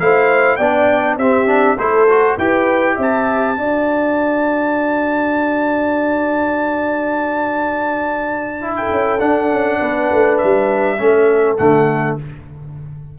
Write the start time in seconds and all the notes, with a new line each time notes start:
0.00 A3 E4 C5 F5
0.56 B3 D4 D5 G5
1.17 C4 G4 E5
1.47 D4
1.77 A3 E4 A4 C5
2.09 F#4
2.38 E4 G4 B4 G5
2.95 C4 E5
3.02 A5
3.57 D4 F#4 D5
8.62 E4
8.77 A4 G5
8.91 C#4
9.19 D4 F#5
9.51 C#4
9.79 B3 B4
10.12 A3
10.38 G3 E5
10.98 A3 C#4 A4
11.58 D3 A3 F#5